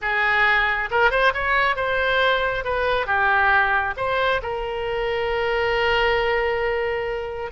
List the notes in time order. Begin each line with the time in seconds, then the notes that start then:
0.01 G#4
0.90 A#4
1.10 C5
1.34 C#5
1.76 C5
2.64 B4
3.06 G4
3.96 C5
4.42 A#4